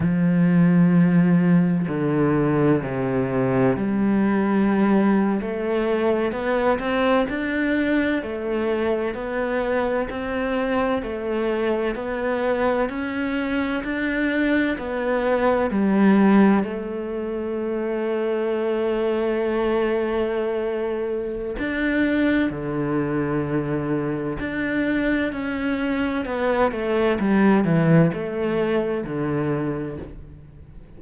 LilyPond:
\new Staff \with { instrumentName = "cello" } { \time 4/4 \tempo 4 = 64 f2 d4 c4 | g4.~ g16 a4 b8 c'8 d'16~ | d'8. a4 b4 c'4 a16~ | a8. b4 cis'4 d'4 b16~ |
b8. g4 a2~ a16~ | a2. d'4 | d2 d'4 cis'4 | b8 a8 g8 e8 a4 d4 | }